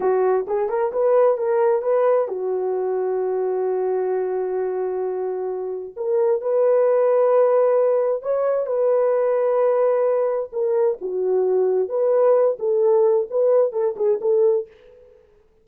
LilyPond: \new Staff \with { instrumentName = "horn" } { \time 4/4 \tempo 4 = 131 fis'4 gis'8 ais'8 b'4 ais'4 | b'4 fis'2.~ | fis'1~ | fis'4 ais'4 b'2~ |
b'2 cis''4 b'4~ | b'2. ais'4 | fis'2 b'4. a'8~ | a'4 b'4 a'8 gis'8 a'4 | }